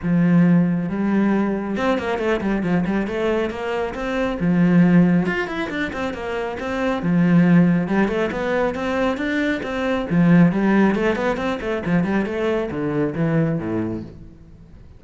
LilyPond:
\new Staff \with { instrumentName = "cello" } { \time 4/4 \tempo 4 = 137 f2 g2 | c'8 ais8 a8 g8 f8 g8 a4 | ais4 c'4 f2 | f'8 e'8 d'8 c'8 ais4 c'4 |
f2 g8 a8 b4 | c'4 d'4 c'4 f4 | g4 a8 b8 c'8 a8 f8 g8 | a4 d4 e4 a,4 | }